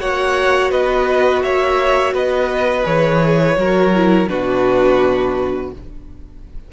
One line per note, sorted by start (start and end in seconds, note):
0.00 0.72 A#3
0.00 2.84 F#4
0.00 0.72 C#5
0.00 0.71 F#5
0.72 1.44 B3
0.72 1.43 B4
0.72 1.43 D#5
1.43 2.14 A#3
1.43 2.14 C#5
1.43 2.14 E5
2.14 2.85 B3
2.14 3.57 B4
2.14 2.86 D#5
2.84 3.57 E3
2.84 3.56 G#4
2.84 4.29 C#5
3.57 4.28 F#3
3.57 3.94 F#4
3.57 4.30 A#4
3.95 4.29 E4
4.29 5.73 B2
4.29 5.71 D4
4.29 5.73 F#4
4.29 5.72 B4